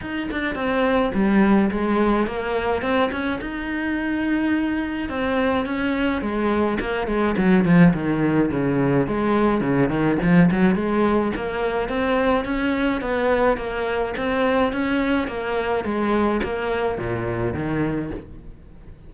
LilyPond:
\new Staff \with { instrumentName = "cello" } { \time 4/4 \tempo 4 = 106 dis'8 d'8 c'4 g4 gis4 | ais4 c'8 cis'8 dis'2~ | dis'4 c'4 cis'4 gis4 | ais8 gis8 fis8 f8 dis4 cis4 |
gis4 cis8 dis8 f8 fis8 gis4 | ais4 c'4 cis'4 b4 | ais4 c'4 cis'4 ais4 | gis4 ais4 ais,4 dis4 | }